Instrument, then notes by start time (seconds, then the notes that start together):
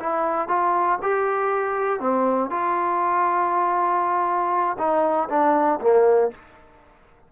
trombone
0.00 E4
0.48 F4
1.02 G4
2.00 C4
2.50 F4
4.78 D#4
5.30 D4
5.81 A#3